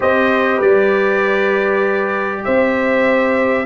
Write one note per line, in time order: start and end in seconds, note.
0.00 0.60 C4
0.00 3.65 G4
0.00 0.57 C5
0.00 0.61 D#5
0.57 2.44 G3
0.57 2.41 B4
0.57 2.44 D5
2.44 3.65 C4
2.44 3.65 C5
2.44 3.65 E5